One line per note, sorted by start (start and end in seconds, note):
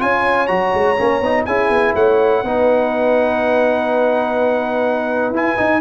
0.00 0.50 C#4
0.00 0.48 F4
0.00 1.47 C#5
0.00 0.47 G#5
0.47 0.74 F#3
0.47 0.97 F#4
0.47 1.44 A#5
0.74 0.98 G#3
0.98 1.21 A#3
0.98 1.22 C#4
1.21 1.45 B3
1.21 1.48 D#4
1.46 1.70 C#4
1.46 2.45 E4
1.46 1.95 G#4
1.46 1.94 G#5
1.70 1.94 B3
1.95 2.44 A3
1.95 2.44 C#5
1.95 5.34 F#5
2.44 5.31 B3
2.44 5.35 D#4
2.44 5.81 B4
5.31 5.55 E4
5.31 5.57 E4
5.31 5.81 G#5
5.57 5.81 D#4